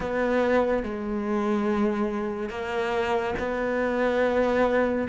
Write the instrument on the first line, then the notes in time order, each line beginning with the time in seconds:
cello
0.00 B3
0.83 G#3
2.49 A#3
3.38 B3